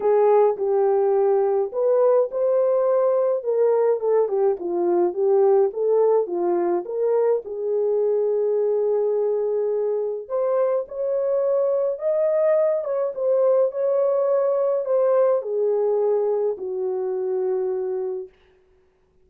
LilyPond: \new Staff \with { instrumentName = "horn" } { \time 4/4 \tempo 4 = 105 gis'4 g'2 b'4 | c''2 ais'4 a'8 g'8 | f'4 g'4 a'4 f'4 | ais'4 gis'2.~ |
gis'2 c''4 cis''4~ | cis''4 dis''4. cis''8 c''4 | cis''2 c''4 gis'4~ | gis'4 fis'2. | }